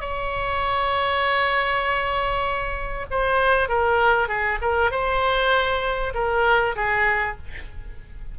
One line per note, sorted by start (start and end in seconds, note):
0.00 3.06 C#5
3.10 3.68 C5
3.68 4.28 A#4
4.28 4.59 G#4
4.61 4.91 A#4
4.91 6.13 C5
6.14 6.75 A#4
6.75 7.37 G#4